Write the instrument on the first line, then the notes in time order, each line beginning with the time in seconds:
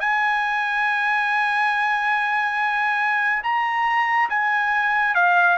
trumpet
0.00 G#5
3.44 A#5
4.30 G#5
5.15 F5